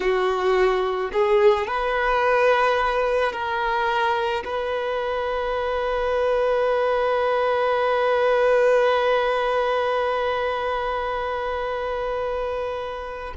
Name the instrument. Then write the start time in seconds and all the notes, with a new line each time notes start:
violin
0.00 F#4
1.12 G#4
1.67 B4
3.32 A#4
4.44 B4